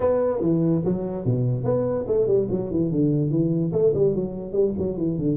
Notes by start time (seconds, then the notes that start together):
0.00 B3
0.40 E3
0.84 F#3
1.25 B2
1.64 B3
2.07 A3
2.27 G3
2.50 F#3
2.70 E3
2.91 D3
3.30 E3
3.72 A3
3.94 G3
4.15 F#3
4.52 G3
4.77 F#3
4.97 E3
5.18 D3